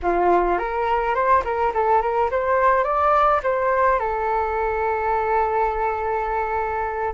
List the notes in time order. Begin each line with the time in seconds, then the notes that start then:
0.02 F4
0.58 A#4
1.14 C5
1.44 A#4
1.74 A4
2.01 A#4
2.31 C5
2.83 D5
3.43 C5
3.99 A4